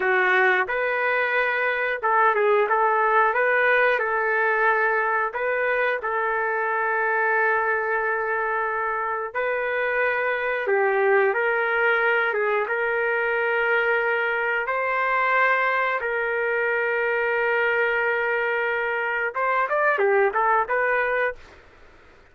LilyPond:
\new Staff \with { instrumentName = "trumpet" } { \time 4/4 \tempo 4 = 90 fis'4 b'2 a'8 gis'8 | a'4 b'4 a'2 | b'4 a'2.~ | a'2 b'2 |
g'4 ais'4. gis'8 ais'4~ | ais'2 c''2 | ais'1~ | ais'4 c''8 d''8 g'8 a'8 b'4 | }